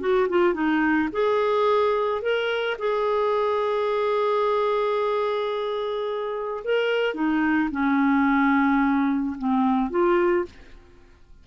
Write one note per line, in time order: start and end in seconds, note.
0.00 0.28 F#4
0.29 0.54 F4
0.54 1.09 D#4
1.12 2.22 G#4
2.22 2.77 A#4
2.79 6.64 G#4
6.64 7.14 A#4
7.14 7.69 D#4
7.71 9.36 C#4
9.38 9.90 C4
9.90 10.45 F4